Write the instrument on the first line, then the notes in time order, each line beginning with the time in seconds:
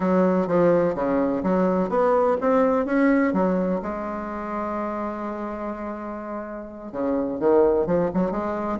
bassoon
0.00 F#3
0.47 F3
0.95 C#3
1.43 F#3
1.89 B3
2.40 C4
2.85 C#4
3.33 F#3
3.82 G#3
6.92 C#3
7.39 D#3
7.86 F3
8.13 F#3
8.31 G#3